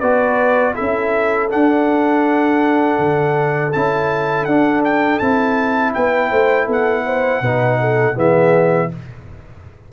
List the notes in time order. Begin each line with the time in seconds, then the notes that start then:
0.00 B3 F#4 B4 D5
0.75 C#4 E4 A4 E5
1.50 D4 F#5
2.99 D3
3.73 C#4 E4 A5
4.45 D4 F#5
4.85 G5
5.19 C4 E4 A5
5.94 B3 B4 G5
6.31 A3 C5
6.66 B3 A4
6.72 F#5
7.06 C5
7.42 B2 D#4 B4
7.81 A4
8.15 E3 B3 G#4 E5